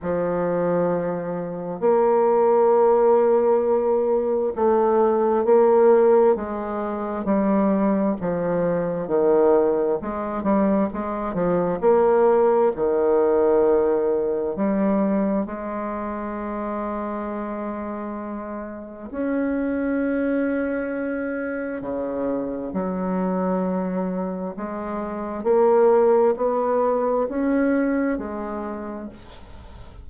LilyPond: \new Staff \with { instrumentName = "bassoon" } { \time 4/4 \tempo 4 = 66 f2 ais2~ | ais4 a4 ais4 gis4 | g4 f4 dis4 gis8 g8 | gis8 f8 ais4 dis2 |
g4 gis2.~ | gis4 cis'2. | cis4 fis2 gis4 | ais4 b4 cis'4 gis4 | }